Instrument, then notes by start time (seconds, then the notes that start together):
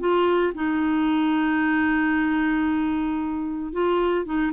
clarinet
0.00 F4
0.55 D#4
3.73 F4
4.26 D#4